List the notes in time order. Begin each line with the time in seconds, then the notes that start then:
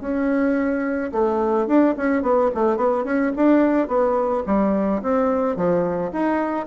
0.00 C#4
1.11 A3
1.66 D4
1.96 C#4
2.22 B3
2.54 A3
2.76 B3
3.04 C#4
3.36 D4
3.88 B3
4.46 G3
5.02 C4
5.56 F3
6.12 D#4